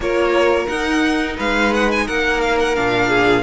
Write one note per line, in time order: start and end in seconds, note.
0.00 0.67 A#3
0.00 0.70 F4
0.00 1.35 A#4
0.00 0.67 C#5
0.67 1.37 D#4
0.67 2.76 D#4
0.67 1.36 F#5
1.35 2.08 G#3
1.35 2.04 B4
1.35 1.73 F5
1.73 1.91 F#5
1.91 2.07 G#5
2.05 2.77 A#3
2.05 3.08 A#4
2.05 2.41 F#5
2.41 2.58 F5
2.59 2.75 F#5
2.75 3.43 A#2
2.75 3.43 D4
2.75 3.43 F5
3.08 3.43 G#4